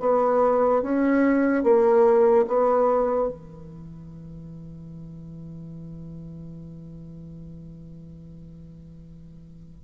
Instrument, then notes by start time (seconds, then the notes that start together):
bassoon
0.00 B3
0.82 C#4
1.63 A#3
2.48 B3
3.29 E3